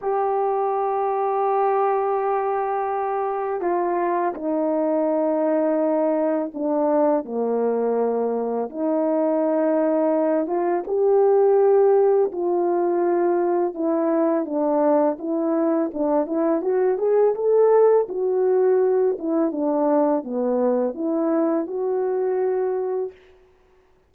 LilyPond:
\new Staff \with { instrumentName = "horn" } { \time 4/4 \tempo 4 = 83 g'1~ | g'4 f'4 dis'2~ | dis'4 d'4 ais2 | dis'2~ dis'8 f'8 g'4~ |
g'4 f'2 e'4 | d'4 e'4 d'8 e'8 fis'8 gis'8 | a'4 fis'4. e'8 d'4 | b4 e'4 fis'2 | }